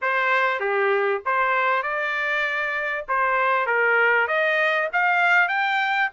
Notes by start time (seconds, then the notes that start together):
0.01 C5
0.60 G4
1.25 C5
1.82 D5
3.08 C5
3.66 A#4
4.27 D#5
4.92 F5
5.48 G5